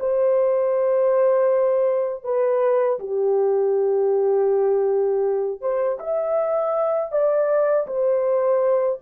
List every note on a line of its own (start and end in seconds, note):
0.00 2.24 C5
2.24 2.99 B4
3.00 5.61 G4
5.61 5.99 C5
6.00 7.12 E5
7.12 7.87 D5
7.87 9.00 C5